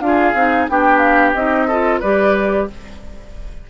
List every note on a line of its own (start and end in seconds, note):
0.00 0.33 D4
0.00 0.35 F4
0.00 0.67 F5
0.07 0.71 G#4
0.34 0.67 C4
0.34 0.69 D#4
0.69 1.34 B3
0.69 1.36 D4
0.69 1.67 G4
0.69 0.98 G5
0.98 1.31 F5
1.34 2.01 C4
1.34 1.69 D#4
1.34 2.01 D#5
1.67 2.03 F4
1.67 2.00 A4
2.00 2.69 G3
2.00 2.70 G4
2.00 2.67 B4
2.00 2.67 D5